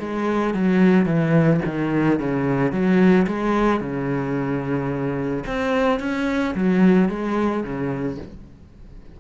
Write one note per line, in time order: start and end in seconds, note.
0.00 0.54 G#3
0.54 1.06 F#3
1.06 1.61 E3
1.65 2.20 D#3
2.20 2.72 C#3
2.72 3.27 F#3
3.27 3.81 G#3
3.81 5.44 C#3
5.47 6.00 C4
6.00 6.55 C#4
6.55 7.09 F#3
7.09 7.64 G#3
7.64 8.18 C#3